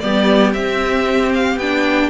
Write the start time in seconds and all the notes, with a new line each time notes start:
0.00 G3 B3 G4 D5
0.53 C4 E5
1.34 F5
1.56 B3 D4 G5